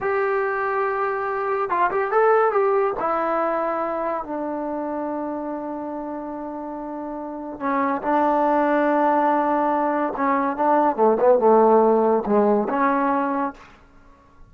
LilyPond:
\new Staff \with { instrumentName = "trombone" } { \time 4/4 \tempo 4 = 142 g'1 | f'8 g'8 a'4 g'4 e'4~ | e'2 d'2~ | d'1~ |
d'2 cis'4 d'4~ | d'1 | cis'4 d'4 a8 b8 a4~ | a4 gis4 cis'2 | }